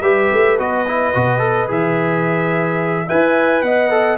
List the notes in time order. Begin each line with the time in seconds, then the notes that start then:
0.00 G3 G4 B4 E5
0.32 A3
0.58 B3 F#4 D#5
0.87 E4
1.13 B2 F#4
1.38 A4
1.67 E3 G#4 E5
3.05 E4 B4 E5 G#5
3.62 B3 D#5 F#5
3.90 A4